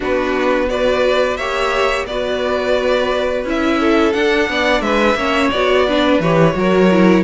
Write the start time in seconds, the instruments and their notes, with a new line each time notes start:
0.00 cello B3, viola D4, violin F#4 B4
0.68 viola F#4, violin B4 D5
1.36 cello A#3, viola G4, violin C#5 E5
2.06 cello B3, viola F#4, violin B4 D5
3.44 cello C#4, viola E4, violin E5
3.79 violin A4
4.12 viola D4, cello D4, violin F#5
4.49 cello B3, violin D5
4.80 cello G#3, violin B4 E5
5.14 cello A#3, viola C#4, violin C#5
5.50 cello B3, viola F#4, violin D5
5.86 viola D4, violin B4
6.19 cello E3, viola G4, violin C#5
6.52 cello F#3, viola F#4
6.58 violin A#4
6.91 viola E4